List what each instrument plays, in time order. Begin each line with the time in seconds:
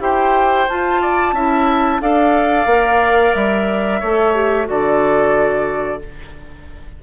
0.00 bassoon E4, clarinet G4, oboe C5, flute G5
0.69 bassoon F4, clarinet F4, flute A5
1.02 oboe D5
1.33 bassoon C#4, clarinet E4, oboe E5
2.01 bassoon D4, clarinet A4, oboe D5, flute F5
2.66 bassoon A#3, clarinet A#4
3.35 bassoon G3, flute E5
4.00 bassoon A3, clarinet A4, oboe C#5
4.35 clarinet G4
4.65 bassoon D3, clarinet F#4, oboe A4, flute D5